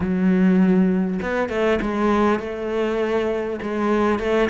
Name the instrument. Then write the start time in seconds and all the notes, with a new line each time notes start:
cello
0.00 F#3
1.22 B3
1.49 A3
1.81 G#3
2.39 A3
3.62 G#3
4.19 A3